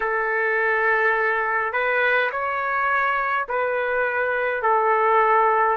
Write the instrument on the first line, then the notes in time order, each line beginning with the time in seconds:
trumpet
0.00 A4
1.73 B4
2.31 C#5
3.48 B4
4.62 A4